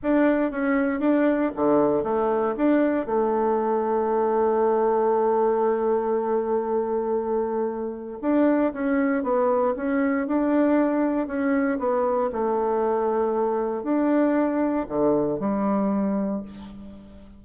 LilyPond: \new Staff \with { instrumentName = "bassoon" } { \time 4/4 \tempo 4 = 117 d'4 cis'4 d'4 d4 | a4 d'4 a2~ | a1~ | a1 |
d'4 cis'4 b4 cis'4 | d'2 cis'4 b4 | a2. d'4~ | d'4 d4 g2 | }